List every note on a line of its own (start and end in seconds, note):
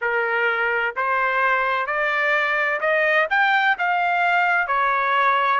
0.01 0.95 A#4
0.95 1.86 C5
1.86 2.80 D5
2.80 3.27 D#5
3.30 3.77 G5
3.78 4.67 F5
4.67 5.60 C#5